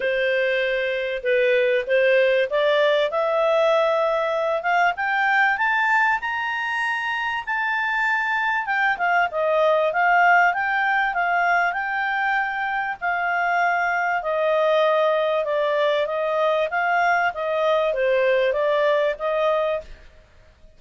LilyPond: \new Staff \with { instrumentName = "clarinet" } { \time 4/4 \tempo 4 = 97 c''2 b'4 c''4 | d''4 e''2~ e''8 f''8 | g''4 a''4 ais''2 | a''2 g''8 f''8 dis''4 |
f''4 g''4 f''4 g''4~ | g''4 f''2 dis''4~ | dis''4 d''4 dis''4 f''4 | dis''4 c''4 d''4 dis''4 | }